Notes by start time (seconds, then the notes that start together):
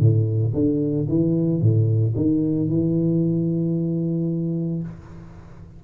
0.00 A2
0.54 D3
1.09 E3
1.61 A2
2.16 D#3
2.69 E3